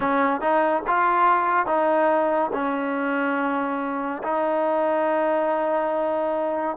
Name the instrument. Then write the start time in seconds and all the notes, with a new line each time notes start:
trombone
0.00 C#4
0.40 D#4
0.87 F4
1.66 D#4
2.53 C#4
4.23 D#4